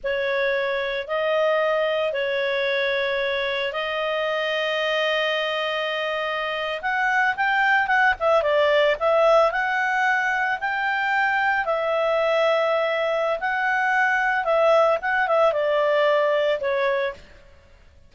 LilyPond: \new Staff \with { instrumentName = "clarinet" } { \time 4/4 \tempo 4 = 112 cis''2 dis''2 | cis''2. dis''4~ | dis''1~ | dis''8. fis''4 g''4 fis''8 e''8 d''16~ |
d''8. e''4 fis''2 g''16~ | g''4.~ g''16 e''2~ e''16~ | e''4 fis''2 e''4 | fis''8 e''8 d''2 cis''4 | }